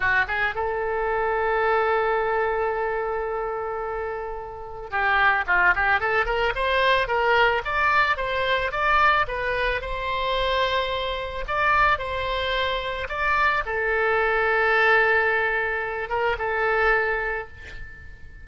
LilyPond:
\new Staff \with { instrumentName = "oboe" } { \time 4/4 \tempo 4 = 110 fis'8 gis'8 a'2.~ | a'1~ | a'4 g'4 f'8 g'8 a'8 ais'8 | c''4 ais'4 d''4 c''4 |
d''4 b'4 c''2~ | c''4 d''4 c''2 | d''4 a'2.~ | a'4. ais'8 a'2 | }